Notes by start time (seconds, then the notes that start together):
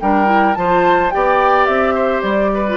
0.00 G3 D4 A#4 G5
0.25 E4
0.54 F3 F4 C5 A5
1.10 B3 G4 D5 G5
1.65 C4 E5
1.94 C5
2.21 G3 D5
2.54 B4
2.68 F4